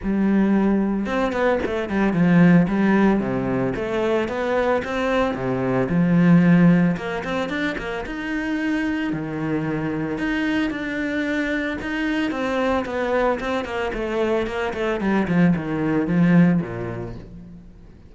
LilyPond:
\new Staff \with { instrumentName = "cello" } { \time 4/4 \tempo 4 = 112 g2 c'8 b8 a8 g8 | f4 g4 c4 a4 | b4 c'4 c4 f4~ | f4 ais8 c'8 d'8 ais8 dis'4~ |
dis'4 dis2 dis'4 | d'2 dis'4 c'4 | b4 c'8 ais8 a4 ais8 a8 | g8 f8 dis4 f4 ais,4 | }